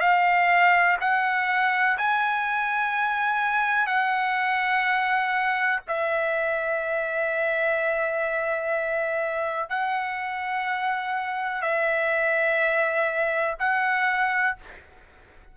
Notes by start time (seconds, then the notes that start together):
0.00 F5
1.01 F#5
1.98 G#5
3.87 F#5
5.88 E5
9.70 F#5
11.62 E5
13.60 F#5